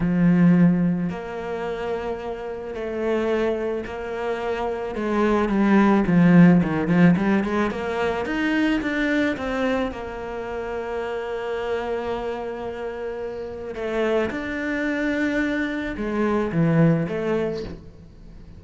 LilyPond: \new Staff \with { instrumentName = "cello" } { \time 4/4 \tempo 4 = 109 f2 ais2~ | ais4 a2 ais4~ | ais4 gis4 g4 f4 | dis8 f8 g8 gis8 ais4 dis'4 |
d'4 c'4 ais2~ | ais1~ | ais4 a4 d'2~ | d'4 gis4 e4 a4 | }